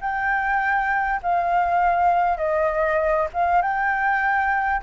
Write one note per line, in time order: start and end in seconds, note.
0.00 1.20 G5
1.22 2.37 F5
2.37 3.27 D#5
3.33 3.61 F5
3.61 4.81 G5